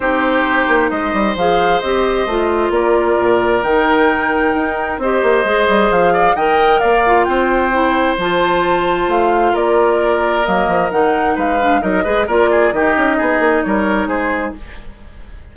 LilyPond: <<
  \new Staff \with { instrumentName = "flute" } { \time 4/4 \tempo 4 = 132 c''2 dis''4 f''4 | dis''2 d''2 | g''2. dis''4~ | dis''4 f''4 g''4 f''4 |
g''2 a''2 | f''4 d''2 dis''4 | fis''4 f''4 dis''4 d''4 | dis''2 cis''4 c''4 | }
  \new Staff \with { instrumentName = "oboe" } { \time 4/4 g'2 c''2~ | c''2 ais'2~ | ais'2. c''4~ | c''4. d''8 dis''4 d''4 |
c''1~ | c''4 ais'2.~ | ais'4 b'4 ais'8 b'8 ais'8 gis'8 | g'4 gis'4 ais'4 gis'4 | }
  \new Staff \with { instrumentName = "clarinet" } { \time 4/4 dis'2. gis'4 | g'4 f'2. | dis'2. g'4 | gis'2 ais'4. f'8~ |
f'4 e'4 f'2~ | f'2. ais4 | dis'4. d'8 dis'8 gis'8 f'4 | dis'1 | }
  \new Staff \with { instrumentName = "bassoon" } { \time 4/4 c'4. ais8 gis8 g8 f4 | c'4 a4 ais4 ais,4 | dis2 dis'4 c'8 ais8 | gis8 g8 f4 dis4 ais4 |
c'2 f2 | a4 ais2 fis8 f8 | dis4 gis4 fis8 gis8 ais4 | dis8 cis'8 b8 ais8 g4 gis4 | }
>>